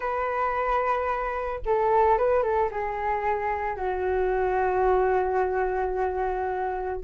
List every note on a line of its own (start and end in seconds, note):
0.00 1.60 B4
1.65 2.17 A4
2.17 2.42 B4
2.42 2.69 A4
2.71 3.76 G#4
3.76 7.00 F#4